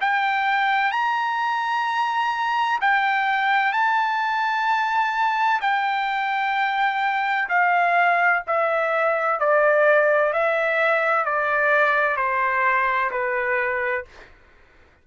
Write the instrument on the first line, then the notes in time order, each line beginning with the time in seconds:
trumpet
0.00 G5
0.91 A#5
2.80 G5
3.72 A5
5.61 G5
7.49 F5
8.46 E5
9.39 D5
10.33 E5
11.25 D5
12.16 C5
13.11 B4